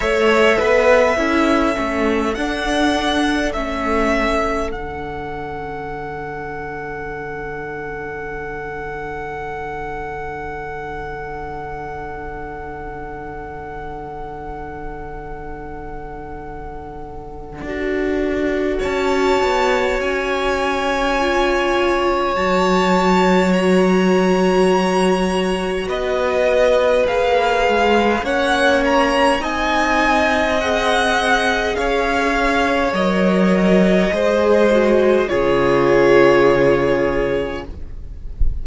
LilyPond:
<<
  \new Staff \with { instrumentName = "violin" } { \time 4/4 \tempo 4 = 51 e''2 fis''4 e''4 | fis''1~ | fis''1~ | fis''1 |
a''4 gis''2 a''4 | ais''2 dis''4 f''4 | fis''8 ais''8 gis''4 fis''4 f''4 | dis''2 cis''2 | }
  \new Staff \with { instrumentName = "violin" } { \time 4/4 cis''8 b'8 a'2.~ | a'1~ | a'1~ | a'1 |
cis''1~ | cis''2 b'2 | cis''4 dis''2 cis''4~ | cis''4 c''4 gis'2 | }
  \new Staff \with { instrumentName = "viola" } { \time 4/4 a'4 e'8 cis'8 d'4 cis'4 | d'1~ | d'1~ | d'2. fis'4~ |
fis'2 f'4 fis'4~ | fis'2. gis'4 | cis'4 dis'4 gis'2 | ais'4 gis'8 fis'8 f'2 | }
  \new Staff \with { instrumentName = "cello" } { \time 4/4 a8 b8 cis'8 a8 d'4 a4 | d1~ | d1~ | d2. d'4 |
cis'8 b8 cis'2 fis4~ | fis2 b4 ais8 gis8 | ais4 c'2 cis'4 | fis4 gis4 cis2 | }
>>